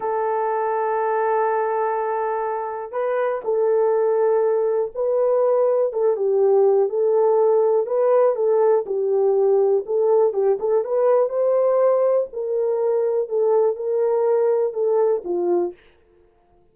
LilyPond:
\new Staff \with { instrumentName = "horn" } { \time 4/4 \tempo 4 = 122 a'1~ | a'2 b'4 a'4~ | a'2 b'2 | a'8 g'4. a'2 |
b'4 a'4 g'2 | a'4 g'8 a'8 b'4 c''4~ | c''4 ais'2 a'4 | ais'2 a'4 f'4 | }